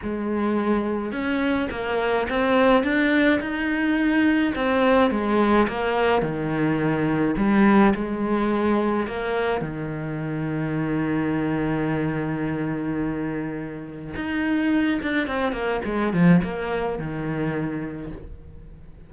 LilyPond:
\new Staff \with { instrumentName = "cello" } { \time 4/4 \tempo 4 = 106 gis2 cis'4 ais4 | c'4 d'4 dis'2 | c'4 gis4 ais4 dis4~ | dis4 g4 gis2 |
ais4 dis2.~ | dis1~ | dis4 dis'4. d'8 c'8 ais8 | gis8 f8 ais4 dis2 | }